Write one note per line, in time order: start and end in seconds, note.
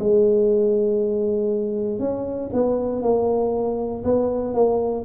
0.00 2.00 G#3
2.00 2.51 C#4
2.53 3.02 B3
3.02 4.04 A#3
4.04 4.54 B3
4.54 5.05 A#3